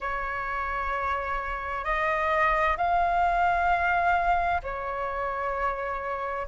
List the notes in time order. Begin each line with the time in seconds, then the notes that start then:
0.00 C#5
1.84 D#5
2.77 F5
4.62 C#5